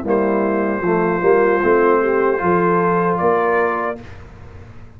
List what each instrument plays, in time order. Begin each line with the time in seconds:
0.00 trombone G3, tuba A#3, horn E4
0.08 trumpet C5
0.81 tuba F3, trombone A3, horn F4
1.20 tuba G3, trombone A#3
1.61 tuba A3, trombone C4
2.01 horn G4
2.37 tuba F3, trombone F4, horn A4
3.18 tuba A#3, horn A#4, trumpet D5